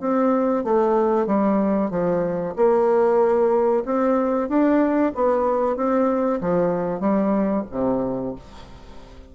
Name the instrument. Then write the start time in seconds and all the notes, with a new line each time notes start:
bassoon
0.00 C4
0.64 A3
1.26 G3
1.90 F3
2.56 A#3
3.85 C4
4.49 D4
5.15 B3
5.76 C4
6.41 F3
7.00 G3
7.71 C3